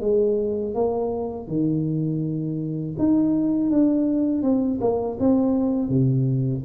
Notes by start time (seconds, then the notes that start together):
0.00 G#3
0.74 A#3
1.47 D#3
2.98 D#4
3.70 D4
4.42 C4
4.80 A#3
5.20 C4
5.89 C3